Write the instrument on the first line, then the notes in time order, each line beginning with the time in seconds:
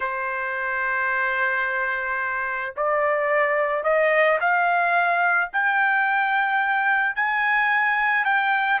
trumpet
0.00 C5
2.76 D5
3.83 D#5
4.40 F5
5.52 G5
7.15 G#5
8.24 G5